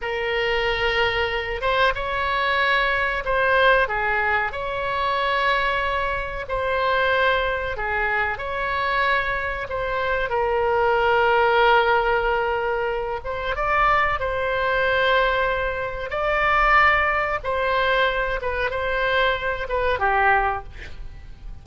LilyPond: \new Staff \with { instrumentName = "oboe" } { \time 4/4 \tempo 4 = 93 ais'2~ ais'8 c''8 cis''4~ | cis''4 c''4 gis'4 cis''4~ | cis''2 c''2 | gis'4 cis''2 c''4 |
ais'1~ | ais'8 c''8 d''4 c''2~ | c''4 d''2 c''4~ | c''8 b'8 c''4. b'8 g'4 | }